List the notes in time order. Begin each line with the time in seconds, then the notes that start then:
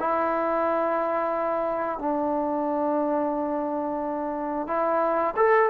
0.00 E4
1.99 D4
4.67 E4
5.37 A4